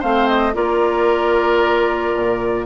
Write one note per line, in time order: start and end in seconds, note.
0.00 0.56 A3
0.00 0.54 C4
0.00 0.53 C5
0.00 0.28 F5
0.28 0.55 D#5
0.54 2.15 A#3
0.54 2.66 F4
0.54 2.67 A#4
0.54 2.67 D5
2.15 2.67 A#2